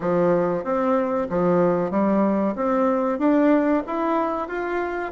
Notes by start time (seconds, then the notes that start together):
0.00 F3
0.64 C4
1.29 F3
1.91 G3
2.55 C4
3.19 D4
3.86 E4
4.47 F4